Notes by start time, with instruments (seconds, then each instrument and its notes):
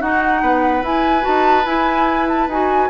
0.00 clarinet D#4, bassoon D#4, oboe F#4, flute F#5
0.42 bassoon B3, oboe B4
0.82 bassoon E4, clarinet E4, flute G#5
1.21 clarinet F#4, flute A5
1.27 bassoon D#4
1.65 bassoon E4, clarinet E4, flute G#5
2.28 flute A5
2.47 bassoon D#4, clarinet F#4, flute G#5